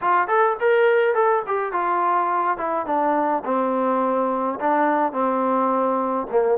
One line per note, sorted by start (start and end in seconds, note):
0.01 0.27 F4
0.27 0.56 A4
0.60 1.14 A#4
1.14 1.43 A4
1.46 1.72 G4
1.72 2.57 F4
2.57 2.85 E4
2.85 3.43 D4
3.44 4.59 C4
4.60 5.12 D4
5.12 6.26 C4
6.30 6.58 A#3